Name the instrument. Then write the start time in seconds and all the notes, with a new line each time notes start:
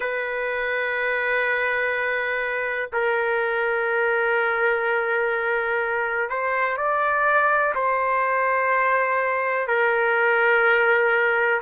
trumpet
0.00 B4
2.93 A#4
6.29 C5
6.77 D5
7.75 C5
9.67 A#4